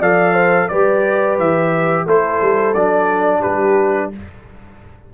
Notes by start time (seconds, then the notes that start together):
0.00 F3 A4 D5 F5
0.34 C5
0.69 G3 G4 B4 D5
1.39 E3 E5
2.06 A3 E4 A4 C5
2.41 G3
2.74 F#3 D4 D5
3.40 G3 G4 B4